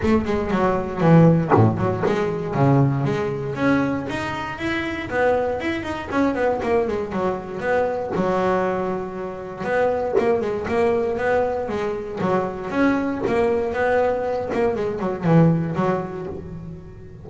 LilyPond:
\new Staff \with { instrumentName = "double bass" } { \time 4/4 \tempo 4 = 118 a8 gis8 fis4 e4 a,8 fis8 | gis4 cis4 gis4 cis'4 | dis'4 e'4 b4 e'8 dis'8 | cis'8 b8 ais8 gis8 fis4 b4 |
fis2. b4 | ais8 gis8 ais4 b4 gis4 | fis4 cis'4 ais4 b4~ | b8 ais8 gis8 fis8 e4 fis4 | }